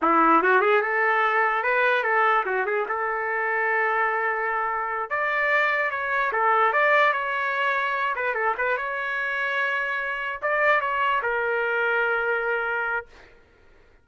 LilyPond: \new Staff \with { instrumentName = "trumpet" } { \time 4/4 \tempo 4 = 147 e'4 fis'8 gis'8 a'2 | b'4 a'4 fis'8 gis'8 a'4~ | a'1~ | a'8 d''2 cis''4 a'8~ |
a'8 d''4 cis''2~ cis''8 | b'8 a'8 b'8 cis''2~ cis''8~ | cis''4. d''4 cis''4 ais'8~ | ais'1 | }